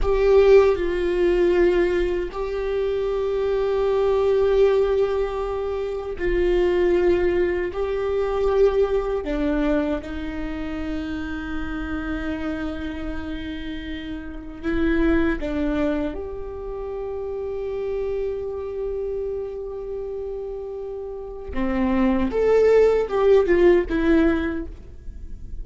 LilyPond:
\new Staff \with { instrumentName = "viola" } { \time 4/4 \tempo 4 = 78 g'4 f'2 g'4~ | g'1 | f'2 g'2 | d'4 dis'2.~ |
dis'2. e'4 | d'4 g'2.~ | g'1 | c'4 a'4 g'8 f'8 e'4 | }